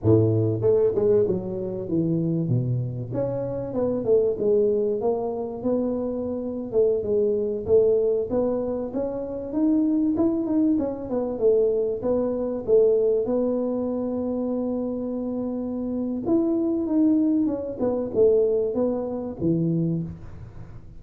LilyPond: \new Staff \with { instrumentName = "tuba" } { \time 4/4 \tempo 4 = 96 a,4 a8 gis8 fis4 e4 | b,4 cis'4 b8 a8 gis4 | ais4 b4.~ b16 a8 gis8.~ | gis16 a4 b4 cis'4 dis'8.~ |
dis'16 e'8 dis'8 cis'8 b8 a4 b8.~ | b16 a4 b2~ b8.~ | b2 e'4 dis'4 | cis'8 b8 a4 b4 e4 | }